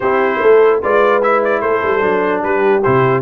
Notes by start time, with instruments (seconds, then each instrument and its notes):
0.00 tuba C4, trombone E4, horn G4, trumpet C5
0.41 tuba A3, horn A4
0.82 tuba G#3, trombone F4, horn B4, trumpet D5
1.22 trombone E4, trumpet E5
1.43 trumpet D5
1.61 tuba A3, horn A4, trumpet C5
1.83 tuba G3
2.00 tuba F#3, trombone D4
2.41 tuba G3, horn G4, trumpet B4
2.82 tuba C3, trombone E4, trumpet C5